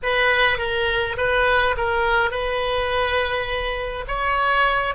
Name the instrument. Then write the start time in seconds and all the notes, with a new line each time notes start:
oboe
0.02 B4
0.58 A#4
1.17 B4
1.77 A#4
2.30 B4
4.07 C#5